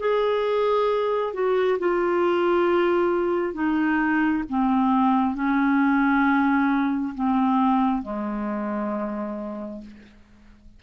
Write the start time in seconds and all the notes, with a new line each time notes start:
0.00 G#4
1.34 F#4
1.80 F4
3.54 D#4
4.50 C4
5.35 C#4
7.15 C4
8.03 G#3